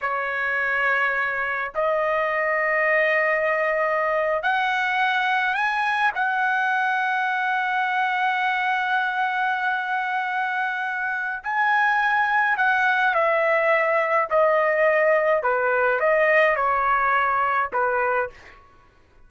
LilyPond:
\new Staff \with { instrumentName = "trumpet" } { \time 4/4 \tempo 4 = 105 cis''2. dis''4~ | dis''2.~ dis''8. fis''16~ | fis''4.~ fis''16 gis''4 fis''4~ fis''16~ | fis''1~ |
fis''1 | gis''2 fis''4 e''4~ | e''4 dis''2 b'4 | dis''4 cis''2 b'4 | }